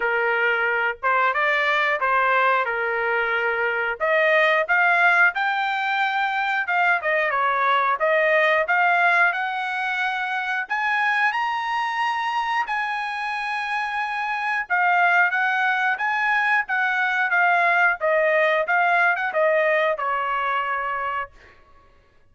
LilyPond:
\new Staff \with { instrumentName = "trumpet" } { \time 4/4 \tempo 4 = 90 ais'4. c''8 d''4 c''4 | ais'2 dis''4 f''4 | g''2 f''8 dis''8 cis''4 | dis''4 f''4 fis''2 |
gis''4 ais''2 gis''4~ | gis''2 f''4 fis''4 | gis''4 fis''4 f''4 dis''4 | f''8. fis''16 dis''4 cis''2 | }